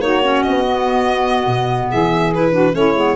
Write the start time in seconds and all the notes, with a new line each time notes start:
0.00 A#3 D#4 F#4 C#5
0.22 C#4
0.42 B3 D#5
0.66 B3
1.46 B2
1.90 E3 G#4 E5
2.33 E4 B4
2.51 D4 F#4
2.72 A3 C#4 E4 C#5
2.94 G#3 B3